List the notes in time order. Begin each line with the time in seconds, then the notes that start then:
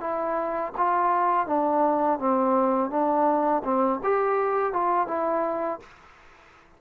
0.00 E4
0.77 F4
1.46 D4
2.19 C4
2.90 D4
3.64 C4
4.03 G4
4.73 F4
5.07 E4